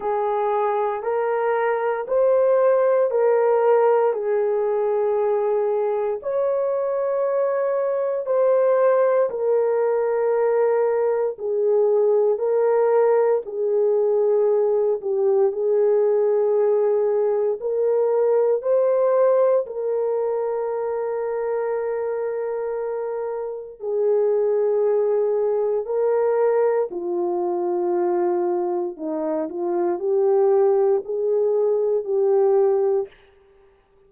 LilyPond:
\new Staff \with { instrumentName = "horn" } { \time 4/4 \tempo 4 = 58 gis'4 ais'4 c''4 ais'4 | gis'2 cis''2 | c''4 ais'2 gis'4 | ais'4 gis'4. g'8 gis'4~ |
gis'4 ais'4 c''4 ais'4~ | ais'2. gis'4~ | gis'4 ais'4 f'2 | dis'8 f'8 g'4 gis'4 g'4 | }